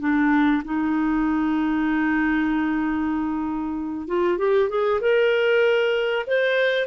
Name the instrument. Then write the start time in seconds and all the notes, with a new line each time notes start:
clarinet
0.00 D4
0.64 D#4
4.08 F4
4.38 G4
4.69 G#4
5.01 A#4
6.27 C5